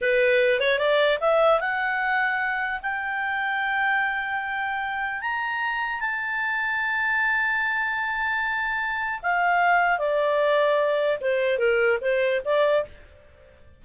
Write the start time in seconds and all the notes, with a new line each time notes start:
0.01 B4
0.59 C#5
0.78 D5
1.20 E5
1.60 F#5
2.82 G5
5.21 A#5
6.00 A5
9.22 F5
9.98 D5
11.21 C5
11.58 A#4
12.01 C5
12.45 D5